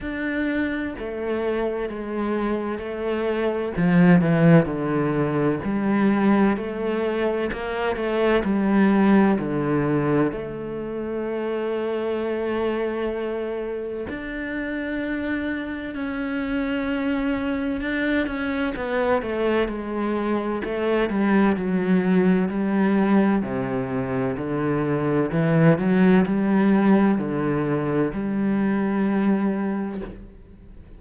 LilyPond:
\new Staff \with { instrumentName = "cello" } { \time 4/4 \tempo 4 = 64 d'4 a4 gis4 a4 | f8 e8 d4 g4 a4 | ais8 a8 g4 d4 a4~ | a2. d'4~ |
d'4 cis'2 d'8 cis'8 | b8 a8 gis4 a8 g8 fis4 | g4 c4 d4 e8 fis8 | g4 d4 g2 | }